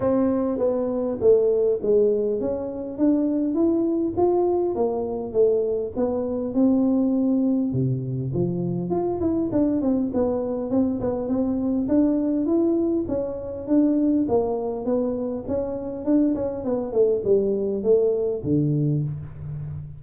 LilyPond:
\new Staff \with { instrumentName = "tuba" } { \time 4/4 \tempo 4 = 101 c'4 b4 a4 gis4 | cis'4 d'4 e'4 f'4 | ais4 a4 b4 c'4~ | c'4 c4 f4 f'8 e'8 |
d'8 c'8 b4 c'8 b8 c'4 | d'4 e'4 cis'4 d'4 | ais4 b4 cis'4 d'8 cis'8 | b8 a8 g4 a4 d4 | }